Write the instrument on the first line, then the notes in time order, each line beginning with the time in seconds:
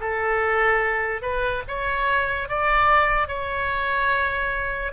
oboe
0.00 A4
1.21 B4
1.67 C#5
2.48 D5
3.28 C#5